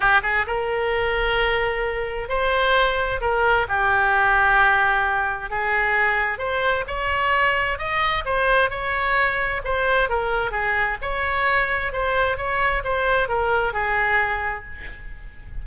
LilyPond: \new Staff \with { instrumentName = "oboe" } { \time 4/4 \tempo 4 = 131 g'8 gis'8 ais'2.~ | ais'4 c''2 ais'4 | g'1 | gis'2 c''4 cis''4~ |
cis''4 dis''4 c''4 cis''4~ | cis''4 c''4 ais'4 gis'4 | cis''2 c''4 cis''4 | c''4 ais'4 gis'2 | }